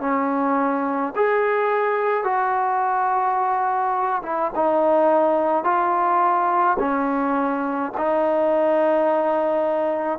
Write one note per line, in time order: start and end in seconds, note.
0.00 1.13 C#4
1.15 2.24 G#4
2.24 4.22 F#4
4.23 4.51 E4
4.55 5.64 D#4
5.64 6.77 F4
6.79 7.92 C#4
7.97 10.19 D#4